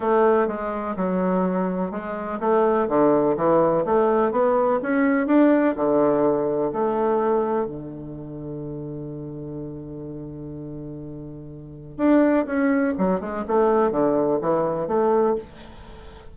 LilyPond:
\new Staff \with { instrumentName = "bassoon" } { \time 4/4 \tempo 4 = 125 a4 gis4 fis2 | gis4 a4 d4 e4 | a4 b4 cis'4 d'4 | d2 a2 |
d1~ | d1~ | d4 d'4 cis'4 fis8 gis8 | a4 d4 e4 a4 | }